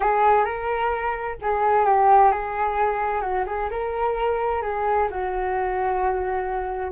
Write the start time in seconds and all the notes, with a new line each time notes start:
0.00 G#4
0.44 A#4
1.41 G#4
1.85 G4
2.31 G#4
3.21 F#4
3.46 G#4
3.70 A#4
4.62 G#4
5.10 F#4